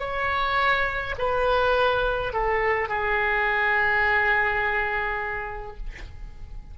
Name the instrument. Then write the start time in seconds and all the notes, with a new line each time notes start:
oboe
0.00 C#5
1.19 B4
2.33 A4
2.89 G#4